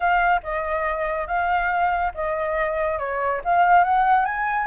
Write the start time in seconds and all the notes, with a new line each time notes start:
0.00 F5
0.43 D#5
1.27 F5
2.14 D#5
2.98 C#5
3.44 F5
3.84 F#5
4.25 G#5